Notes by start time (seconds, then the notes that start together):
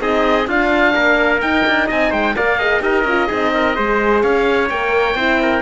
0.00 C4 D#4 G#4 D#5
0.47 D4 F4 F5
0.95 A#3 A#4
1.41 D#4 G5
1.67 D4
1.87 C4 D#5 G#5
2.11 G#3 C5 G5
2.36 A#3 A#4 D5 F5
2.59 G#4 D#5
2.81 D#4 G4 A#4 D#5
3.04 C#4 F4
3.28 C4 D#4 G#4
3.54 A#4
3.75 G#3 G#4 C5
4.22 C#4 C#5 F5
4.70 A#3 A#4 G5
5.15 C4 E4 C5
5.42 A#4